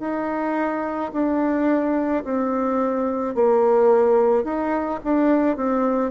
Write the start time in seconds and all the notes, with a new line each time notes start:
0.00 D#4
1.13 D4
2.24 C4
3.35 A#3
4.44 D#4
5.04 D4
5.57 C4